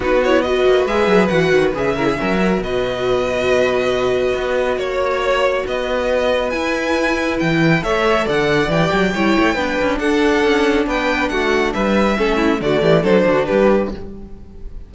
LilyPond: <<
  \new Staff \with { instrumentName = "violin" } { \time 4/4 \tempo 4 = 138 b'8 cis''8 dis''4 e''4 fis''4 | e''2 dis''2~ | dis''2. cis''4~ | cis''4 dis''2 gis''4~ |
gis''4 g''4 e''4 fis''4 | g''2. fis''4~ | fis''4 g''4 fis''4 e''4~ | e''4 d''4 c''4 b'4 | }
  \new Staff \with { instrumentName = "violin" } { \time 4/4 fis'4 b'2.~ | b'8 ais'16 gis'16 ais'4 b'2~ | b'2. cis''4~ | cis''4 b'2.~ |
b'2 cis''4 d''4~ | d''4 cis''4 b'4 a'4~ | a'4 b'4 fis'4 b'4 | a'8 e'8 fis'8 g'8 a'8 fis'8 g'4 | }
  \new Staff \with { instrumentName = "viola" } { \time 4/4 dis'8 e'8 fis'4 gis'4 fis'4 | gis'8 e'8 cis'8 fis'2~ fis'8~ | fis'1~ | fis'2. e'4~ |
e'2 a'2 | g'4 e'4 d'2~ | d'1 | cis'4 a4 d'2 | }
  \new Staff \with { instrumentName = "cello" } { \time 4/4 b4. ais8 gis8 fis8 e8 dis8 | cis4 fis4 b,2~ | b,2 b4 ais4~ | ais4 b2 e'4~ |
e'4 e4 a4 d4 | e8 fis8 g8 a8 b8 cis'8 d'4 | cis'4 b4 a4 g4 | a4 d8 e8 fis8 d8 g4 | }
>>